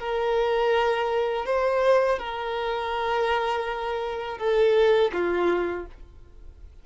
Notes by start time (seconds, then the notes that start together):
0.00 A#4
1.46 C5
2.19 A#4
4.38 A4
5.13 F4